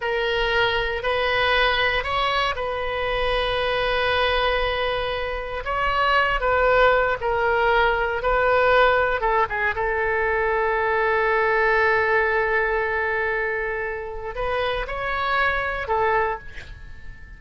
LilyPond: \new Staff \with { instrumentName = "oboe" } { \time 4/4 \tempo 4 = 117 ais'2 b'2 | cis''4 b'2.~ | b'2. cis''4~ | cis''8 b'4. ais'2 |
b'2 a'8 gis'8 a'4~ | a'1~ | a'1 | b'4 cis''2 a'4 | }